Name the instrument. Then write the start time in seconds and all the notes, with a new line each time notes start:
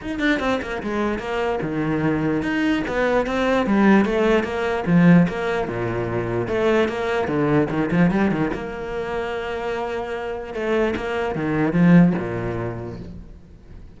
cello
0.01 D#4
0.19 D4
0.39 C4
0.62 A#3
0.82 G#3
1.18 A#3
1.61 D#3
2.42 D#4
2.87 B3
3.26 C4
3.66 G3
4.05 A3
4.43 A#3
4.86 F3
5.28 A#3
5.68 A#2
6.47 A3
6.88 A#3
7.27 D3
7.69 D#3
7.91 F3
8.10 G3
8.31 D#3
8.53 A#3
10.54 A3
10.96 A#3
11.35 D#3
11.72 F3
12.18 A#2